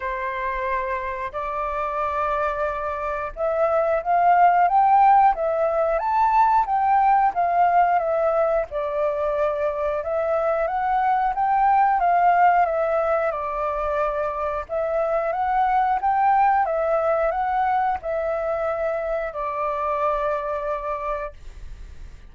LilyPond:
\new Staff \with { instrumentName = "flute" } { \time 4/4 \tempo 4 = 90 c''2 d''2~ | d''4 e''4 f''4 g''4 | e''4 a''4 g''4 f''4 | e''4 d''2 e''4 |
fis''4 g''4 f''4 e''4 | d''2 e''4 fis''4 | g''4 e''4 fis''4 e''4~ | e''4 d''2. | }